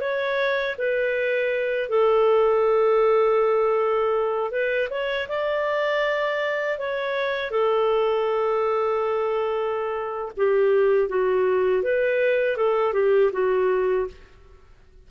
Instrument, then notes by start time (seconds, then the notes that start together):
clarinet
0.00 C#5
0.78 B4
1.89 A4
4.51 B4
4.90 C#5
5.28 D5
6.78 C#5
7.50 A4
10.36 G4
11.08 F#4
11.82 B4
12.57 A4
12.93 G4
13.32 F#4